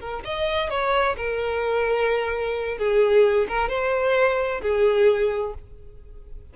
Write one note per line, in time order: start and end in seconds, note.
0.00 0.23 A#4
0.24 0.69 D#5
0.69 1.16 C#5
1.16 2.78 A#4
2.78 3.47 G#4
3.48 3.68 A#4
3.68 4.61 C5
4.61 5.53 G#4